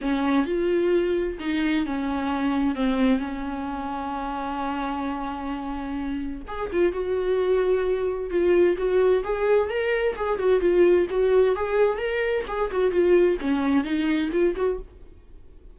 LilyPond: \new Staff \with { instrumentName = "viola" } { \time 4/4 \tempo 4 = 130 cis'4 f'2 dis'4 | cis'2 c'4 cis'4~ | cis'1~ | cis'2 gis'8 f'8 fis'4~ |
fis'2 f'4 fis'4 | gis'4 ais'4 gis'8 fis'8 f'4 | fis'4 gis'4 ais'4 gis'8 fis'8 | f'4 cis'4 dis'4 f'8 fis'8 | }